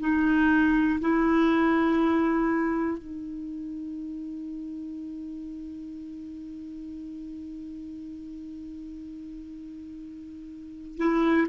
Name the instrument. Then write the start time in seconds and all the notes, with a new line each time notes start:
clarinet
0.00 D#4
1.01 E4
2.98 D#4
10.98 E4